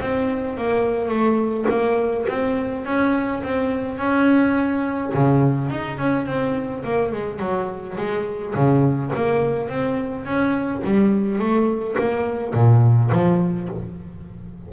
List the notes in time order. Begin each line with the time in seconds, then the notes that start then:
0.00 C4
0.57 A#3
1.08 A3
1.69 A#3
2.28 C4
2.85 C#4
3.43 C4
3.98 C#4
5.14 C#3
5.69 D#4
5.98 C#4
6.26 C4
6.84 A#3
7.12 G#3
7.39 F#3
7.97 G#3
8.55 C#3
9.15 A#3
9.68 C4
10.25 C#4
10.84 G3
11.38 A3
11.98 A#3
12.53 A#2
13.11 F3